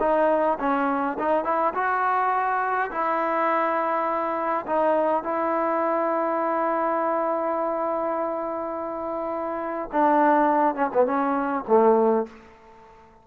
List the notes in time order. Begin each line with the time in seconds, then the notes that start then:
0.00 D#4
0.59 C#4
1.19 D#4
1.44 E4
1.74 F#4
2.91 E4
4.66 D#4
5.24 E4
9.92 D4
10.75 C#4
10.94 B3
11.06 C#4
11.68 A3